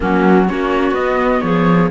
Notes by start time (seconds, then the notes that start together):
0.00 F#3 A#3 C#4 F#4
0.48 A#3 C#4 F#4 C#5
0.91 B3 D#5
1.41 F3 G#4 C#5